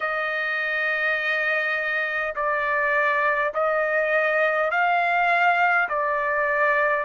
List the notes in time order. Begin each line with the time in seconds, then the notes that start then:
0.00 D#5
2.35 D5
3.53 D#5
4.71 F5
5.88 D5